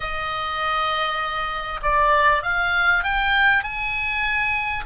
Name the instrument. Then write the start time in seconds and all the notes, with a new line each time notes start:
oboe
0.00 D#5
1.82 D5
2.42 F5
3.03 G5
3.63 G#5